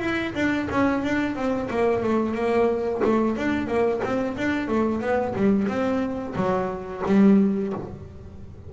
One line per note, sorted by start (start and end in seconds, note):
0.00 0.33 E4
0.35 0.68 D4
0.71 1.03 C#4
1.03 1.35 D4
1.35 1.69 C4
1.70 2.03 A#3
2.03 2.35 A3
2.35 3.01 A#3
3.04 3.37 A3
3.37 3.67 D4
3.67 4.01 A#3
4.04 4.37 C4
4.37 4.68 D4
4.68 5.01 A3
5.01 5.35 B3
5.35 5.68 G3
5.68 6.35 C4
6.36 7.02 F#3
7.06 7.73 G3